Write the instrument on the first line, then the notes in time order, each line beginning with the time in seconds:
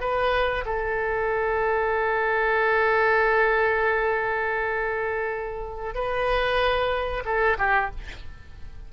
oboe
0.00 B4
0.65 A4
5.94 B4
7.25 A4
7.58 G4